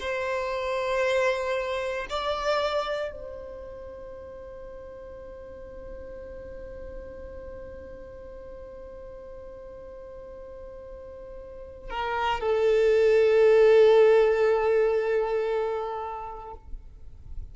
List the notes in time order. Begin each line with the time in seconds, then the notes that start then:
0.00 C5
2.10 D5
3.11 C5
11.90 A#4
12.40 A4